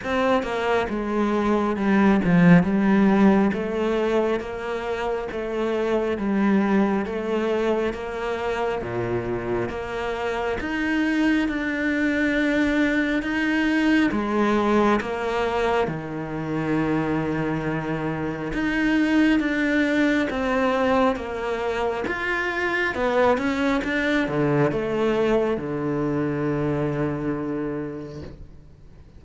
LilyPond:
\new Staff \with { instrumentName = "cello" } { \time 4/4 \tempo 4 = 68 c'8 ais8 gis4 g8 f8 g4 | a4 ais4 a4 g4 | a4 ais4 ais,4 ais4 | dis'4 d'2 dis'4 |
gis4 ais4 dis2~ | dis4 dis'4 d'4 c'4 | ais4 f'4 b8 cis'8 d'8 d8 | a4 d2. | }